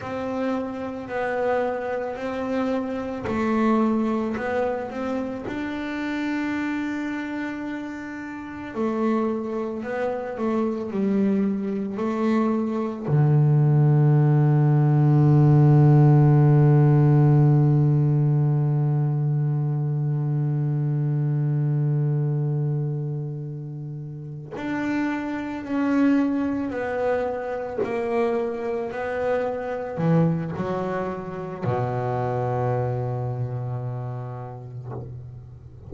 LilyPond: \new Staff \with { instrumentName = "double bass" } { \time 4/4 \tempo 4 = 55 c'4 b4 c'4 a4 | b8 c'8 d'2. | a4 b8 a8 g4 a4 | d1~ |
d1~ | d2~ d8 d'4 cis'8~ | cis'8 b4 ais4 b4 e8 | fis4 b,2. | }